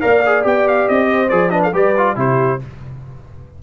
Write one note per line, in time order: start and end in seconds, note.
0.00 0.44 A#3
0.00 0.22 A#4
0.00 1.09 D5
0.00 0.43 F5
0.25 0.42 G#4
0.42 0.87 B3
0.42 1.28 G4
0.42 0.67 G5
0.67 0.88 F5
0.88 1.31 C4
0.88 1.29 D#5
1.10 1.53 C5
1.29 1.73 F3
1.29 1.50 G#4
1.29 1.50 D5
1.50 1.71 D4
1.50 1.63 B4
1.50 1.61 D#5
1.62 1.72 A4
1.62 1.73 F5
1.72 2.16 G3
1.72 1.95 G4
1.72 2.15 B4
1.72 2.18 D5
1.97 2.15 F4
2.15 2.59 C3
2.15 2.59 E4
2.15 2.60 G4
2.15 2.62 C5